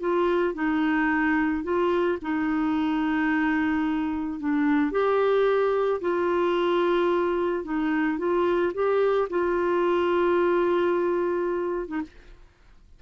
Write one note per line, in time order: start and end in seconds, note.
0.00 0.54 F4
0.54 1.63 D#4
1.64 2.18 F4
2.22 4.40 D#4
4.40 4.92 D4
4.92 6.01 G4
6.01 7.64 F4
7.64 8.18 D#4
8.18 8.73 F4
8.74 9.29 G4
9.30 11.88 F4
11.88 12.02 D#4